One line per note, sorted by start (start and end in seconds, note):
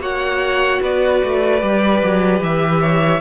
0.00 0.80 A#3
0.00 1.60 F#4
0.00 0.81 C#5
0.00 0.82 F#5
0.81 1.22 B3
0.81 2.81 B4
0.81 2.42 D5
1.24 1.62 A3
1.61 2.02 G3
1.61 3.21 G4
2.03 2.40 F#3
2.40 3.20 E3
2.40 3.21 E5
2.81 3.21 C#5